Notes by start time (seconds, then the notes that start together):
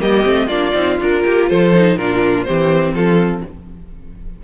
0.00 G3 A#3 G4 D#5
0.23 A3 C4
0.47 A#3 D4 F4 D5
0.73 C4 D#4
1.00 D4 F4 A#4
1.25 A#3 G4
1.49 F3 A4 C5
1.74 D#4
1.96 A#2 D4 F4 A#4
2.44 E3 C4 G4 C5
2.92 F3 F4 A4